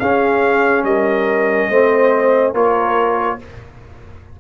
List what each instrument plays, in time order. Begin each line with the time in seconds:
0.00 tuba C#4, trombone C#4, horn G#4, trumpet F5
0.84 tuba G3, horn A#4, trumpet D#5
1.70 tuba A3, trombone C4, horn C5
2.54 tuba A#3, trombone F4, horn A#4, trumpet C#5